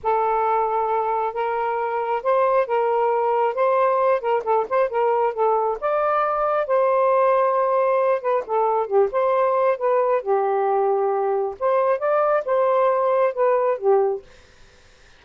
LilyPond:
\new Staff \with { instrumentName = "saxophone" } { \time 4/4 \tempo 4 = 135 a'2. ais'4~ | ais'4 c''4 ais'2 | c''4. ais'8 a'8 c''8 ais'4 | a'4 d''2 c''4~ |
c''2~ c''8 b'8 a'4 | g'8 c''4. b'4 g'4~ | g'2 c''4 d''4 | c''2 b'4 g'4 | }